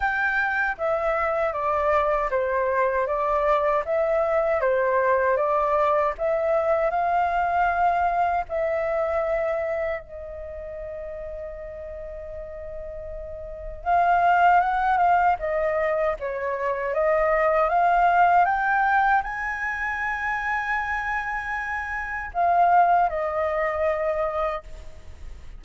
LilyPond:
\new Staff \with { instrumentName = "flute" } { \time 4/4 \tempo 4 = 78 g''4 e''4 d''4 c''4 | d''4 e''4 c''4 d''4 | e''4 f''2 e''4~ | e''4 dis''2.~ |
dis''2 f''4 fis''8 f''8 | dis''4 cis''4 dis''4 f''4 | g''4 gis''2.~ | gis''4 f''4 dis''2 | }